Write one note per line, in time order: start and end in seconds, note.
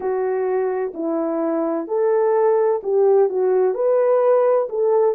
0.00 0.92 F#4
0.94 1.87 E4
1.87 2.81 A4
2.83 3.29 G4
3.29 3.74 F#4
3.74 4.67 B4
4.69 5.15 A4